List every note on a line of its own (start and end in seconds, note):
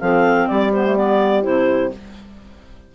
0.00 0.49 F3
0.00 0.72 C4
0.00 0.49 A4
0.00 0.47 F5
0.47 1.46 G3
0.47 1.94 G4
0.47 0.71 D5
0.72 0.85 B3
0.72 0.96 C5
0.85 0.96 A3
0.96 1.42 B3
0.96 1.43 D5
1.42 1.94 C3
1.42 1.90 E4
1.42 1.91 C5